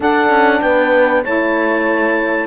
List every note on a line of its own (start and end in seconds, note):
0.00 1.23 D4
0.00 0.29 D4
0.00 0.61 A4
0.00 0.61 F#5
0.29 0.60 C#4
0.61 1.24 B3
0.61 1.24 B4
0.61 1.22 G5
1.24 2.46 A3
1.24 2.46 E4
1.24 2.46 C#5
1.24 2.46 A5